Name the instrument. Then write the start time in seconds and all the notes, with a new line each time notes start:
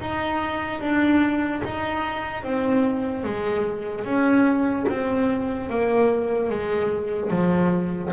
double bass
0.00 D#4
0.80 D4
1.64 D#4
2.43 C4
3.24 G#3
4.04 C#4
4.89 C4
5.69 A#3
6.49 G#3
7.30 F3